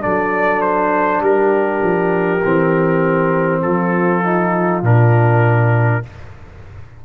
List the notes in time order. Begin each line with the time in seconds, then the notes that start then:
0.00 F#3 D4 A4 D5
0.61 C5
1.20 G3 G4 A#4
1.82 F3
2.44 E3 C4
3.62 F3 F4 A4
4.23 D#4
4.82 A#2 D4 A#4